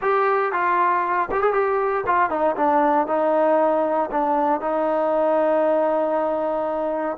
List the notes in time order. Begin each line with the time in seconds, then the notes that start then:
0.01 G4
0.52 F4
1.31 G4
1.41 G#4
1.53 G4
2.06 F4
2.29 D#4
2.56 D4
3.07 D#4
4.11 D4
4.60 D#4